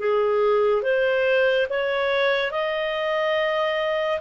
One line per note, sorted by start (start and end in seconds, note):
0.00 0.83 G#4
0.83 1.67 C5
1.70 2.52 C#5
2.52 4.21 D#5